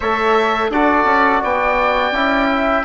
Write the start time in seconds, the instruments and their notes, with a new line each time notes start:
0.00 bassoon A3, trombone A4, flute C#5, oboe E5
0.70 bassoon D4, trombone F#4, flute A4, oboe D5
1.04 bassoon C#4
1.40 bassoon B3, flute D5, oboe G5
2.11 bassoon C#4, trombone E4
2.51 flute E5